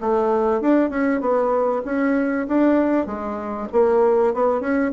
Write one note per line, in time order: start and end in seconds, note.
0.00 0.61 A3
0.61 0.90 D4
0.90 1.21 C#4
1.21 1.82 B3
1.85 2.47 C#4
2.48 3.06 D4
3.06 3.68 G#3
3.72 4.34 A#3
4.34 4.61 B3
4.61 4.92 C#4